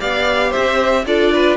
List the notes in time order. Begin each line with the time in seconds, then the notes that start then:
0.00 B3 G4 D5 F5
0.50 C5 E5
0.57 C4
1.06 D4 F4 A4 D5
1.34 B4